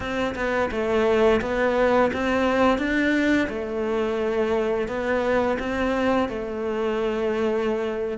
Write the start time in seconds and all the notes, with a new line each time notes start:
0.00 C4
0.35 B3
0.71 A3
1.41 B3
2.13 C4
2.78 D4
3.48 A3
4.87 B3
5.59 C4
6.28 A3